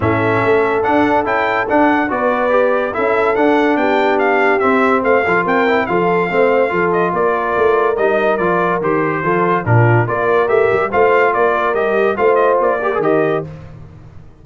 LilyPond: <<
  \new Staff \with { instrumentName = "trumpet" } { \time 4/4 \tempo 4 = 143 e''2 fis''4 g''4 | fis''4 d''2 e''4 | fis''4 g''4 f''4 e''4 | f''4 g''4 f''2~ |
f''8 dis''8 d''2 dis''4 | d''4 c''2 ais'4 | d''4 e''4 f''4 d''4 | dis''4 f''8 dis''8 d''4 dis''4 | }
  \new Staff \with { instrumentName = "horn" } { \time 4/4 a'1~ | a'4 b'2 a'4~ | a'4 g'2. | c''8 a'8 ais'4 a'4 c''4 |
a'4 ais'2.~ | ais'2 a'4 f'4 | ais'2 c''4 ais'4~ | ais'4 c''4. ais'4. | }
  \new Staff \with { instrumentName = "trombone" } { \time 4/4 cis'2 d'4 e'4 | d'4 fis'4 g'4 e'4 | d'2. c'4~ | c'8 f'4 e'8 f'4 c'4 |
f'2. dis'4 | f'4 g'4 f'4 d'4 | f'4 g'4 f'2 | g'4 f'4. g'16 gis'16 g'4 | }
  \new Staff \with { instrumentName = "tuba" } { \time 4/4 a,4 a4 d'4 cis'4 | d'4 b2 cis'4 | d'4 b2 c'4 | a8 f8 c'4 f4 a4 |
f4 ais4 a4 g4 | f4 dis4 f4 ais,4 | ais4 a8 g8 a4 ais4 | g4 a4 ais4 dis4 | }
>>